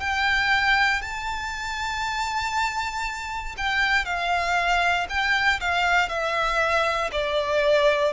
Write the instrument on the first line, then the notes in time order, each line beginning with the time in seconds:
violin
0.00 G5
1.01 A5
3.57 G5
4.05 F5
5.09 G5
5.60 F5
6.08 E5
7.12 D5